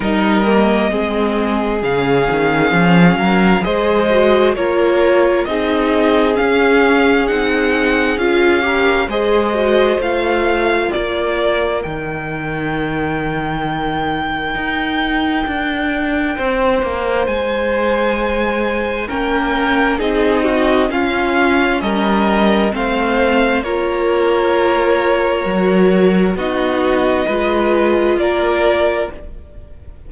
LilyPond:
<<
  \new Staff \with { instrumentName = "violin" } { \time 4/4 \tempo 4 = 66 dis''2 f''2 | dis''4 cis''4 dis''4 f''4 | fis''4 f''4 dis''4 f''4 | d''4 g''2.~ |
g''2. gis''4~ | gis''4 g''4 dis''4 f''4 | dis''4 f''4 cis''2~ | cis''4 dis''2 d''4 | }
  \new Staff \with { instrumentName = "violin" } { \time 4/4 ais'4 gis'2~ gis'8 ais'8 | c''4 ais'4 gis'2~ | gis'4. ais'8 c''2 | ais'1~ |
ais'2 c''2~ | c''4 ais'4 gis'8 fis'8 f'4 | ais'4 c''4 ais'2~ | ais'4 fis'4 b'4 ais'4 | }
  \new Staff \with { instrumentName = "viola" } { \time 4/4 dis'8 ais8 c'4 cis'2 | gis'8 fis'8 f'4 dis'4 cis'4 | dis'4 f'8 g'8 gis'8 fis'8 f'4~ | f'4 dis'2.~ |
dis'1~ | dis'4 cis'4 dis'4 cis'4~ | cis'4 c'4 f'2 | fis'4 dis'4 f'2 | }
  \new Staff \with { instrumentName = "cello" } { \time 4/4 g4 gis4 cis8 dis8 f8 fis8 | gis4 ais4 c'4 cis'4 | c'4 cis'4 gis4 a4 | ais4 dis2. |
dis'4 d'4 c'8 ais8 gis4~ | gis4 ais4 c'4 cis'4 | g4 a4 ais2 | fis4 b4 gis4 ais4 | }
>>